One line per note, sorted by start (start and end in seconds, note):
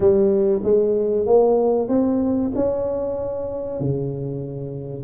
0.00 0.61 G3
0.63 1.26 G#3
1.26 1.88 A#3
1.88 2.51 C4
2.55 3.80 C#4
3.80 5.04 C#3